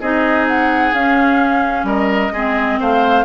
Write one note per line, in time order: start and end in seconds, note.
0.00 0.93 C4
0.00 0.94 D#4
0.00 1.86 G#4
0.00 0.47 D#5
0.47 0.94 F#5
0.93 1.83 C#4
0.93 2.34 C#4
0.93 1.87 F5
1.83 2.30 G3
1.83 2.32 A#4
1.83 2.80 D#5
2.32 2.79 G#3
2.32 3.25 C4
2.32 2.79 G#4
2.80 3.25 A3
2.80 3.25 C5
2.80 3.25 F5